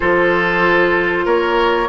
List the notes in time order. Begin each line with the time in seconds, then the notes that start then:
0.00 F3 F4 A4 C5
1.25 A#3 A#4 C#5